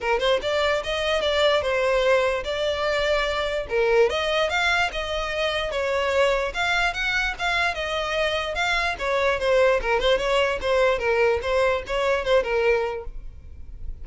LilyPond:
\new Staff \with { instrumentName = "violin" } { \time 4/4 \tempo 4 = 147 ais'8 c''8 d''4 dis''4 d''4 | c''2 d''2~ | d''4 ais'4 dis''4 f''4 | dis''2 cis''2 |
f''4 fis''4 f''4 dis''4~ | dis''4 f''4 cis''4 c''4 | ais'8 c''8 cis''4 c''4 ais'4 | c''4 cis''4 c''8 ais'4. | }